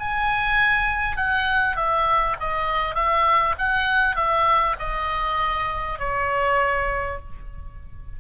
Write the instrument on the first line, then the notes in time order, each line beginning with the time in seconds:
oboe
0.00 G#5
1.17 F#5
1.77 E5
2.40 D#5
2.95 E5
3.58 F#5
4.16 E5
4.79 D#5
5.99 C#5